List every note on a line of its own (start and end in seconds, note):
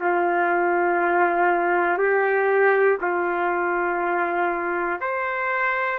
0.00 1.98 F4
1.98 2.98 G4
3.01 5.00 F4
5.00 5.99 C5